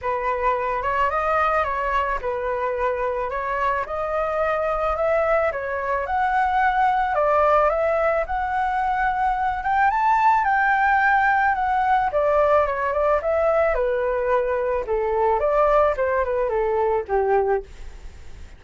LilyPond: \new Staff \with { instrumentName = "flute" } { \time 4/4 \tempo 4 = 109 b'4. cis''8 dis''4 cis''4 | b'2 cis''4 dis''4~ | dis''4 e''4 cis''4 fis''4~ | fis''4 d''4 e''4 fis''4~ |
fis''4. g''8 a''4 g''4~ | g''4 fis''4 d''4 cis''8 d''8 | e''4 b'2 a'4 | d''4 c''8 b'8 a'4 g'4 | }